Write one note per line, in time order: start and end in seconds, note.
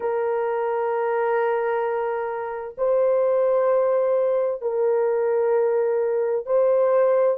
0.00 2.74 A#4
2.77 4.61 C5
4.61 6.46 A#4
6.46 7.37 C5